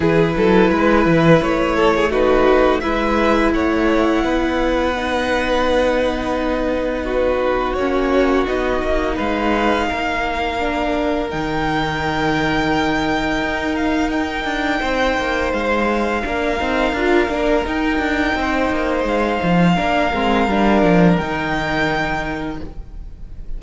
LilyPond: <<
  \new Staff \with { instrumentName = "violin" } { \time 4/4 \tempo 4 = 85 b'2 cis''4 b'4 | e''4 fis''2.~ | fis''2 b'4 cis''4 | dis''4 f''2. |
g''2.~ g''8 f''8 | g''2 f''2~ | f''4 g''2 f''4~ | f''2 g''2 | }
  \new Staff \with { instrumentName = "violin" } { \time 4/4 gis'8 a'8 b'4. a'16 gis'16 fis'4 | b'4 cis''4 b'2~ | b'2 fis'2~ | fis'4 b'4 ais'2~ |
ais'1~ | ais'4 c''2 ais'4~ | ais'2 c''2 | ais'1 | }
  \new Staff \with { instrumentName = "viola" } { \time 4/4 e'2. dis'4 | e'2. dis'4~ | dis'2. cis'4 | dis'2. d'4 |
dis'1~ | dis'2. d'8 dis'8 | f'8 d'8 dis'2. | d'8 c'8 d'4 dis'2 | }
  \new Staff \with { instrumentName = "cello" } { \time 4/4 e8 fis8 gis8 e8 a2 | gis4 a4 b2~ | b2. ais4 | b8 ais8 gis4 ais2 |
dis2. dis'4~ | dis'8 d'8 c'8 ais8 gis4 ais8 c'8 | d'8 ais8 dis'8 d'8 c'8 ais8 gis8 f8 | ais8 gis8 g8 f8 dis2 | }
>>